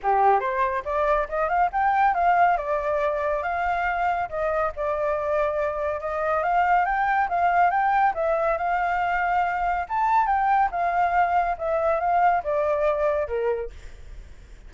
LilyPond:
\new Staff \with { instrumentName = "flute" } { \time 4/4 \tempo 4 = 140 g'4 c''4 d''4 dis''8 f''8 | g''4 f''4 d''2 | f''2 dis''4 d''4~ | d''2 dis''4 f''4 |
g''4 f''4 g''4 e''4 | f''2. a''4 | g''4 f''2 e''4 | f''4 d''2 ais'4 | }